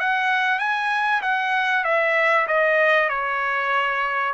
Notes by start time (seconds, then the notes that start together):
0.00 F#5
0.59 G#5
1.22 F#5
1.85 E5
2.48 D#5
3.09 C#5